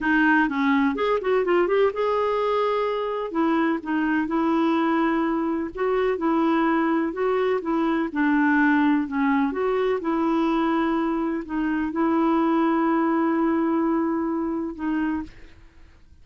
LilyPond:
\new Staff \with { instrumentName = "clarinet" } { \time 4/4 \tempo 4 = 126 dis'4 cis'4 gis'8 fis'8 f'8 g'8 | gis'2. e'4 | dis'4 e'2. | fis'4 e'2 fis'4 |
e'4 d'2 cis'4 | fis'4 e'2. | dis'4 e'2.~ | e'2. dis'4 | }